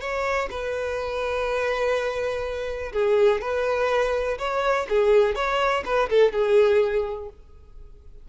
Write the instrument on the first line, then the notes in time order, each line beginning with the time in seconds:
violin
0.00 C#5
0.50 B4
2.92 G#4
3.41 B4
4.38 C#5
4.89 G#4
5.35 C#5
5.85 B4
6.09 A4
6.32 G#4